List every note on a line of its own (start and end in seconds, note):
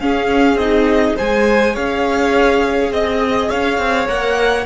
0.00 0.58 C#4
0.00 0.56 C#4
0.00 1.15 G#4
0.00 0.57 F5
0.56 1.14 C4
0.56 1.17 D#4
0.56 1.15 D#5
1.15 1.76 G#3
1.15 4.07 G#4
1.15 1.73 C5
1.15 1.76 G#5
1.73 2.91 C#4
1.73 2.90 C#5
1.73 2.92 F5
2.91 3.49 C4
2.91 3.49 D#5
3.49 3.78 C#4
3.49 4.65 C#5
3.49 4.08 F5
3.78 4.07 C4
4.07 4.65 A#3
4.07 4.65 A#4
4.07 4.65 F#5